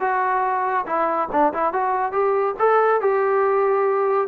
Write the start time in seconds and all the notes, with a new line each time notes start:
0.00 F#4
0.86 E4
1.31 D4
1.53 E4
1.73 F#4
2.12 G4
2.59 A4
3.01 G4